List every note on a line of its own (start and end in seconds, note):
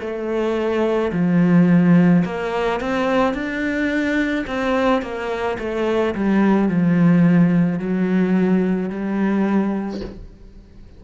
0.00 1.11 A3
1.12 2.23 F3
2.24 2.80 A#3
2.80 3.34 C4
3.34 4.45 D4
4.46 5.02 C4
5.02 5.57 A#3
5.58 6.14 A3
6.15 6.68 G3
6.68 7.79 F3
7.79 8.89 F#3
8.89 10.01 G3